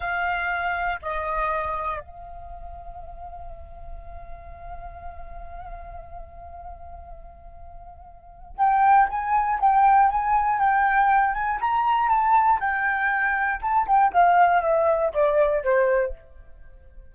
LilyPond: \new Staff \with { instrumentName = "flute" } { \time 4/4 \tempo 4 = 119 f''2 dis''2 | f''1~ | f''1~ | f''1~ |
f''4 g''4 gis''4 g''4 | gis''4 g''4. gis''8 ais''4 | a''4 g''2 a''8 g''8 | f''4 e''4 d''4 c''4 | }